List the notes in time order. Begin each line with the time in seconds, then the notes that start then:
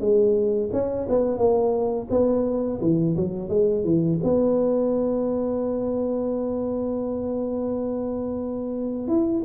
0.00 G#3
0.73 C#4
1.09 B3
1.38 A#3
2.10 B3
2.81 E3
3.16 F#3
3.49 G#3
3.84 E3
4.23 B3
9.08 E4